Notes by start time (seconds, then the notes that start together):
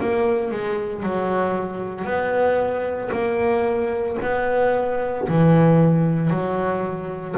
0.00 A#3
0.51 G#3
1.03 F#3
2.05 B3
3.12 A#3
4.22 B3
5.28 E3
6.30 F#3